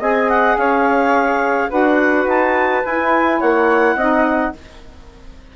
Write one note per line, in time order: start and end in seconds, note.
0.00 0.57 C4
0.00 1.70 G#4
0.00 0.57 D#5
0.00 0.30 G#5
0.30 0.58 F#5
0.57 1.70 C#4
0.57 1.71 C#5
0.57 1.71 F5
1.70 2.26 D4
1.70 2.83 F#4
1.70 3.40 B4
1.70 2.29 F#5
2.26 2.83 D#4
2.26 2.86 A5
2.85 3.99 E4
2.85 3.42 E4
2.85 3.41 G#5
3.40 3.96 A#3
3.40 3.96 C#5
3.40 4.54 F#5
3.96 4.52 C4
3.96 4.56 D#4
3.96 4.53 D#5